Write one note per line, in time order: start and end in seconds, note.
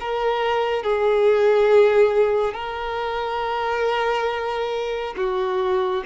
0.00 0.83 A#4
0.83 2.53 G#4
2.53 5.14 A#4
5.17 6.04 F#4